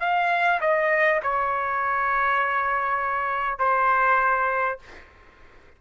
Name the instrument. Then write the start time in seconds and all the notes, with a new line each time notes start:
trumpet
0.00 F5
0.61 D#5
1.23 C#5
3.58 C5